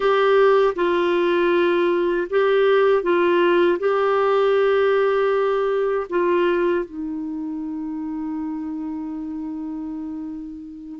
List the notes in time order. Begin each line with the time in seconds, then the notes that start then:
0.00 G4
0.75 F4
2.30 G4
3.02 F4
3.79 G4
6.09 F4
6.85 D#4